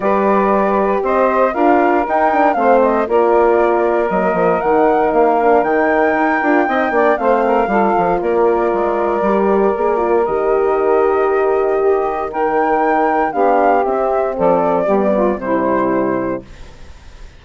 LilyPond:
<<
  \new Staff \with { instrumentName = "flute" } { \time 4/4 \tempo 4 = 117 d''2 dis''4 f''4 | g''4 f''8 dis''8 d''2 | dis''4 fis''4 f''4 g''4~ | g''2 f''2 |
d''1 | dis''1 | g''2 f''4 e''4 | d''2 c''2 | }
  \new Staff \with { instrumentName = "saxophone" } { \time 4/4 b'2 c''4 ais'4~ | ais'4 c''4 ais'2~ | ais'1~ | ais'4 dis''8 d''8 c''8 ais'8 a'4 |
ais'1~ | ais'2. g'4 | ais'2 g'2 | a'4 g'8 f'8 e'2 | }
  \new Staff \with { instrumentName = "horn" } { \time 4/4 g'2. f'4 | dis'8 d'8 c'4 f'2 | ais4 dis'4. d'8 dis'4~ | dis'8 f'8 dis'8 d'8 c'4 f'4~ |
f'2 g'4 gis'8 f'8 | g'1 | dis'2 d'4 c'4~ | c'4 b4 g2 | }
  \new Staff \with { instrumentName = "bassoon" } { \time 4/4 g2 c'4 d'4 | dis'4 a4 ais2 | fis8 f8 dis4 ais4 dis4 | dis'8 d'8 c'8 ais8 a4 g8 f8 |
ais4 gis4 g4 ais4 | dis1~ | dis2 b4 c'4 | f4 g4 c2 | }
>>